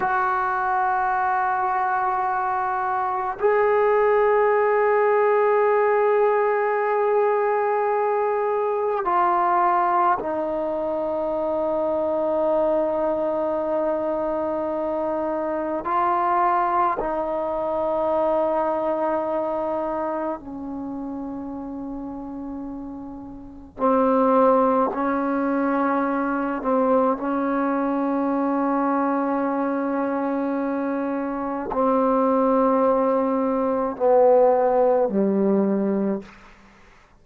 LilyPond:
\new Staff \with { instrumentName = "trombone" } { \time 4/4 \tempo 4 = 53 fis'2. gis'4~ | gis'1 | f'4 dis'2.~ | dis'2 f'4 dis'4~ |
dis'2 cis'2~ | cis'4 c'4 cis'4. c'8 | cis'1 | c'2 b4 g4 | }